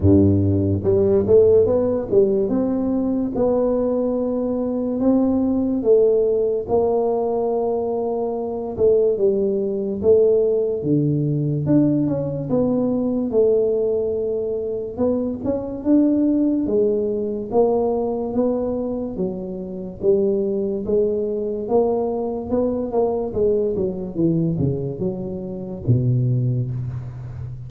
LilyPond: \new Staff \with { instrumentName = "tuba" } { \time 4/4 \tempo 4 = 72 g,4 g8 a8 b8 g8 c'4 | b2 c'4 a4 | ais2~ ais8 a8 g4 | a4 d4 d'8 cis'8 b4 |
a2 b8 cis'8 d'4 | gis4 ais4 b4 fis4 | g4 gis4 ais4 b8 ais8 | gis8 fis8 e8 cis8 fis4 b,4 | }